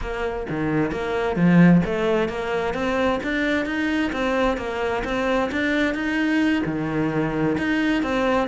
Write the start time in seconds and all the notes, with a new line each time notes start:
0.01 A#3
0.49 D#3
0.91 A#3
1.35 F3
1.85 A3
2.28 A#3
2.74 C4
3.23 D4
3.65 D#4
4.12 C4
4.57 A#3
5.04 C4
5.51 D4
5.94 D#4
6.65 D#3
7.58 D#4
8.02 C4